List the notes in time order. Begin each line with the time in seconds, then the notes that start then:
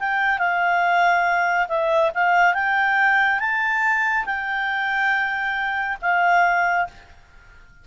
0.00 G5
0.39 F5
1.68 E5
2.14 F5
2.54 G5
3.40 A5
4.26 G5
6.02 F5